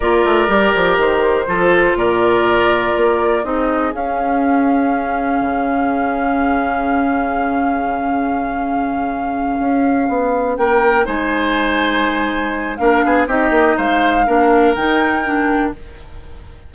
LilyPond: <<
  \new Staff \with { instrumentName = "flute" } { \time 4/4 \tempo 4 = 122 d''2 c''2 | d''2. dis''4 | f''1~ | f''1~ |
f''1~ | f''4. g''4 gis''4.~ | gis''2 f''4 dis''4 | f''2 g''2 | }
  \new Staff \with { instrumentName = "oboe" } { \time 4/4 ais'2. a'4 | ais'2. gis'4~ | gis'1~ | gis'1~ |
gis'1~ | gis'4. ais'4 c''4.~ | c''2 ais'8 gis'8 g'4 | c''4 ais'2. | }
  \new Staff \with { instrumentName = "clarinet" } { \time 4/4 f'4 g'2 f'4~ | f'2. dis'4 | cis'1~ | cis'1~ |
cis'1~ | cis'2~ cis'8 dis'4.~ | dis'2 d'4 dis'4~ | dis'4 d'4 dis'4 d'4 | }
  \new Staff \with { instrumentName = "bassoon" } { \time 4/4 ais8 a8 g8 f8 dis4 f4 | ais,2 ais4 c'4 | cis'2. cis4~ | cis1~ |
cis2.~ cis8 cis'8~ | cis'8 b4 ais4 gis4.~ | gis2 ais8 b8 c'8 ais8 | gis4 ais4 dis2 | }
>>